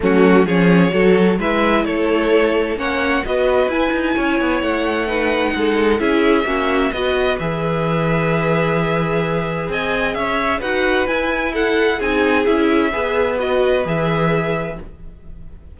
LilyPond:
<<
  \new Staff \with { instrumentName = "violin" } { \time 4/4 \tempo 4 = 130 fis'4 cis''2 e''4 | cis''2 fis''4 dis''4 | gis''2 fis''2~ | fis''4 e''2 dis''4 |
e''1~ | e''4 gis''4 e''4 fis''4 | gis''4 fis''4 gis''4 e''4~ | e''4 dis''4 e''2 | }
  \new Staff \with { instrumentName = "violin" } { \time 4/4 cis'4 gis'4 a'4 b'4 | a'2 cis''4 b'4~ | b'4 cis''2 b'4 | a'4 gis'4 fis'4 b'4~ |
b'1~ | b'4 dis''4 cis''4 b'4~ | b'4 a'4 gis'2 | b'1 | }
  \new Staff \with { instrumentName = "viola" } { \time 4/4 a4 cis'4 fis'4 e'4~ | e'2 cis'4 fis'4 | e'2. dis'4~ | dis'4 e'4 cis'4 fis'4 |
gis'1~ | gis'2. fis'4 | e'2 dis'4 e'4 | gis'4 fis'4 gis'2 | }
  \new Staff \with { instrumentName = "cello" } { \time 4/4 fis4 f4 fis4 gis4 | a2 ais4 b4 | e'8 dis'8 cis'8 b8 a2 | gis4 cis'4 ais4 b4 |
e1~ | e4 c'4 cis'4 dis'4 | e'2 c'4 cis'4 | b2 e2 | }
>>